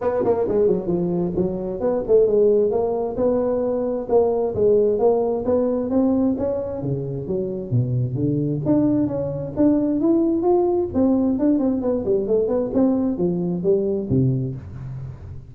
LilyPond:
\new Staff \with { instrumentName = "tuba" } { \time 4/4 \tempo 4 = 132 b8 ais8 gis8 fis8 f4 fis4 | b8 a8 gis4 ais4 b4~ | b4 ais4 gis4 ais4 | b4 c'4 cis'4 cis4 |
fis4 b,4 d4 d'4 | cis'4 d'4 e'4 f'4 | c'4 d'8 c'8 b8 g8 a8 b8 | c'4 f4 g4 c4 | }